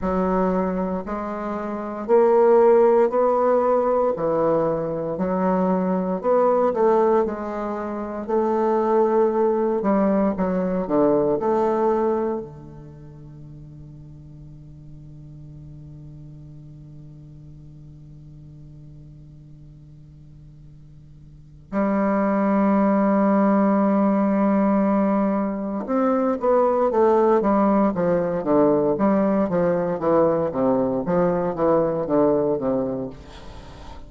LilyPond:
\new Staff \with { instrumentName = "bassoon" } { \time 4/4 \tempo 4 = 58 fis4 gis4 ais4 b4 | e4 fis4 b8 a8 gis4 | a4. g8 fis8 d8 a4 | d1~ |
d1~ | d4 g2.~ | g4 c'8 b8 a8 g8 f8 d8 | g8 f8 e8 c8 f8 e8 d8 c8 | }